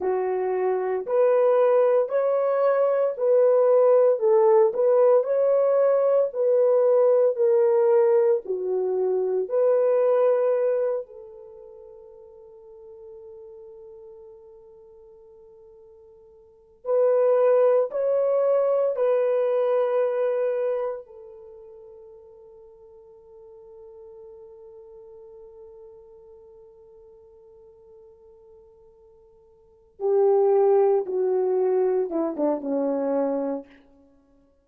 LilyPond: \new Staff \with { instrumentName = "horn" } { \time 4/4 \tempo 4 = 57 fis'4 b'4 cis''4 b'4 | a'8 b'8 cis''4 b'4 ais'4 | fis'4 b'4. a'4.~ | a'1 |
b'4 cis''4 b'2 | a'1~ | a'1~ | a'8 g'4 fis'4 e'16 d'16 cis'4 | }